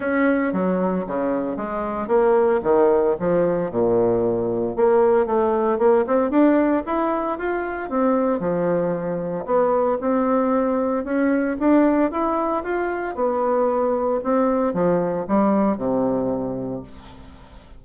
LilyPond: \new Staff \with { instrumentName = "bassoon" } { \time 4/4 \tempo 4 = 114 cis'4 fis4 cis4 gis4 | ais4 dis4 f4 ais,4~ | ais,4 ais4 a4 ais8 c'8 | d'4 e'4 f'4 c'4 |
f2 b4 c'4~ | c'4 cis'4 d'4 e'4 | f'4 b2 c'4 | f4 g4 c2 | }